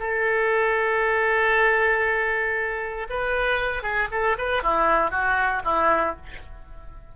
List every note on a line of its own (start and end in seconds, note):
0.00 3.08 A4
3.10 3.83 B4
3.83 4.09 G#4
4.12 4.37 A4
4.38 4.63 B4
4.63 5.11 E4
5.11 5.63 F#4
5.65 6.16 E4